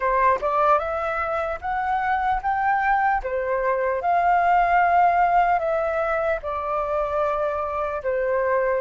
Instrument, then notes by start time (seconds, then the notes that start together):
flute
0.00 C5
0.41 D5
0.78 E5
1.61 F#5
2.42 G5
3.23 C5
4.01 F5
5.59 E5
6.42 D5
8.03 C5